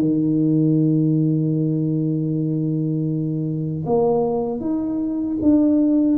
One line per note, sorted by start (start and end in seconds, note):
0.00 3.85 D#3
3.86 4.60 A#3
4.60 5.37 D#4
5.42 6.18 D4